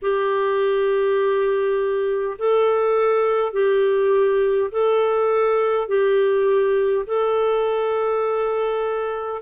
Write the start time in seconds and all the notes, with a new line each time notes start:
0.02 G4
2.38 A4
3.52 G4
4.71 A4
5.88 G4
7.06 A4